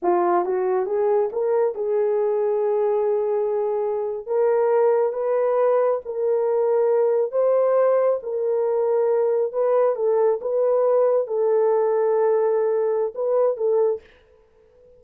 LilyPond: \new Staff \with { instrumentName = "horn" } { \time 4/4 \tempo 4 = 137 f'4 fis'4 gis'4 ais'4 | gis'1~ | gis'4.~ gis'16 ais'2 b'16~ | b'4.~ b'16 ais'2~ ais'16~ |
ais'8. c''2 ais'4~ ais'16~ | ais'4.~ ais'16 b'4 a'4 b'16~ | b'4.~ b'16 a'2~ a'16~ | a'2 b'4 a'4 | }